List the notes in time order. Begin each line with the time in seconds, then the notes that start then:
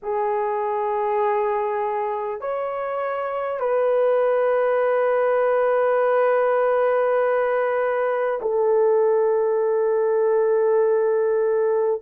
0.02 G#4
2.41 C#5
3.59 B4
8.41 A4